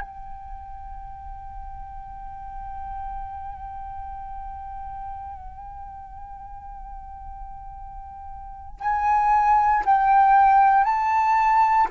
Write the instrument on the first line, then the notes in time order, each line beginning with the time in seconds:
flute
0.00 G5
8.80 G#5
9.85 G5
10.84 A5